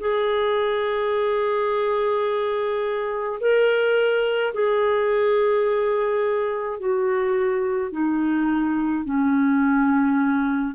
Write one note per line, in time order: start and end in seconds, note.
0.00 3.40 G#4
3.40 4.53 A#4
4.54 6.79 G#4
6.79 7.92 F#4
7.92 9.05 D#4
9.05 10.74 C#4